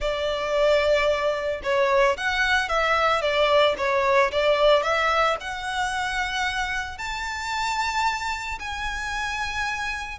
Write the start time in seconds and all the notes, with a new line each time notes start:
0.00 D5
1.63 C#5
2.17 F#5
2.68 E5
3.21 D5
3.77 C#5
4.31 D5
4.82 E5
5.40 F#5
6.98 A5
8.59 G#5